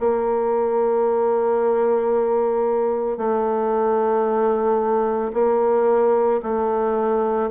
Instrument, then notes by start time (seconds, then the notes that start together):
bassoon
0.00 A#3
3.18 A3
5.34 A#3
6.43 A3